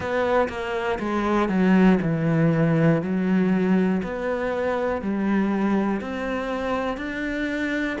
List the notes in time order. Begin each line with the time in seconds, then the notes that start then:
0.00 B3
0.48 A#3
0.99 G#3
1.48 F#3
2.01 E3
3.01 F#3
4.03 B3
5.01 G3
6.00 C4
6.97 D4